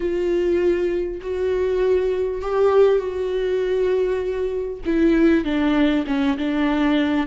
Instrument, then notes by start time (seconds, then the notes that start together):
viola
0.00 F4
1.21 F#4
2.41 G4
2.98 F#4
4.85 E4
5.44 D4
6.07 C#4
6.37 D4